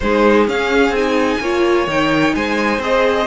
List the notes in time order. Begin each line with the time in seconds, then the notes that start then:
0.00 G#3 D#4 G#4 C5
0.47 C#4 F5
0.89 C4 G#5
0.96 D#4
1.39 A#3 F4 C#5
1.87 D#3 D#4 G5
2.34 G#3 C5 G#5
2.78 C4 G#4 D#5